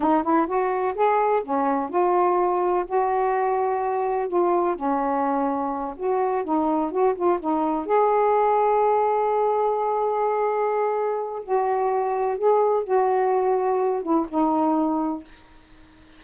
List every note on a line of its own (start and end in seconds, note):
0.00 0.23 D#4
0.23 0.46 E4
0.46 0.94 F#4
0.94 1.42 G#4
1.43 1.89 C#4
1.89 2.85 F4
2.86 4.27 F#4
4.27 4.75 F4
4.75 5.94 C#4
5.96 6.44 F#4
6.44 6.91 D#4
6.91 7.15 F#4
7.15 7.39 F4
7.39 7.85 D#4
7.85 11.43 G#4
11.43 12.38 F#4
12.38 12.83 G#4
12.83 14.02 F#4
14.02 14.26 E4
14.29 15.24 D#4